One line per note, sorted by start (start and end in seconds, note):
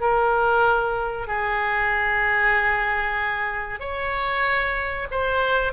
0.00 1.27 A#4
1.27 3.79 G#4
3.79 5.07 C#5
5.11 5.72 C5